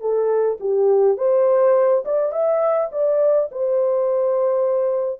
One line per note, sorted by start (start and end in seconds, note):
0.00 0.58 A4
0.60 1.17 G4
1.17 2.03 C5
2.05 2.32 D5
2.32 2.90 E5
2.91 3.49 D5
3.51 5.20 C5